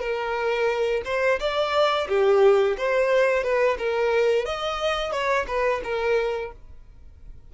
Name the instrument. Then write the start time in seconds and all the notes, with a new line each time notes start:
violin
0.00 A#4
1.05 C5
1.40 D5
2.09 G4
2.78 C5
3.44 B4
3.78 A#4
4.46 D#5
5.12 C#5
5.47 B4
5.84 A#4